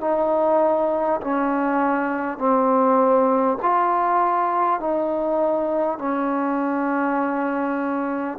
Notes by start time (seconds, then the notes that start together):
0.00 D#4
1.21 C#4
2.38 C4
3.62 F4
4.80 D#4
5.98 C#4